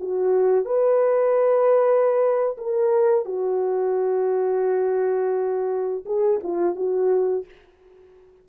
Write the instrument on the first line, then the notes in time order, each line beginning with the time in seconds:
horn
0.00 F#4
0.65 B4
2.57 A#4
3.25 F#4
6.06 G#4
6.43 F4
6.75 F#4